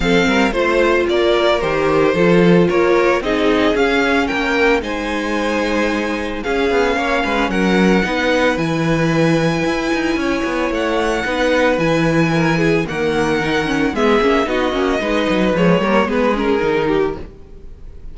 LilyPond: <<
  \new Staff \with { instrumentName = "violin" } { \time 4/4 \tempo 4 = 112 f''4 c''4 d''4 c''4~ | c''4 cis''4 dis''4 f''4 | g''4 gis''2. | f''2 fis''2 |
gis''1 | fis''2 gis''2 | fis''2 e''4 dis''4~ | dis''4 cis''4 b'8 ais'4. | }
  \new Staff \with { instrumentName = "violin" } { \time 4/4 a'8 ais'8 c''4 ais'2 | a'4 ais'4 gis'2 | ais'4 c''2. | gis'4 cis''8 b'8 ais'4 b'4~ |
b'2. cis''4~ | cis''4 b'2 ais'8 gis'8 | ais'2 gis'4 fis'4 | b'4. ais'8 gis'4. g'8 | }
  \new Staff \with { instrumentName = "viola" } { \time 4/4 c'4 f'2 g'4 | f'2 dis'4 cis'4~ | cis'4 dis'2. | cis'2. dis'4 |
e'1~ | e'4 dis'4 e'2 | ais4 dis'8 cis'8 b8 cis'8 dis'8 cis'8 | dis'4 gis8 ais8 b8 cis'8 dis'4 | }
  \new Staff \with { instrumentName = "cello" } { \time 4/4 f8 g8 a4 ais4 dis4 | f4 ais4 c'4 cis'4 | ais4 gis2. | cis'8 b8 ais8 gis8 fis4 b4 |
e2 e'8 dis'8 cis'8 b8 | a4 b4 e2 | dis2 gis8 ais8 b8 ais8 | gis8 fis8 f8 g8 gis4 dis4 | }
>>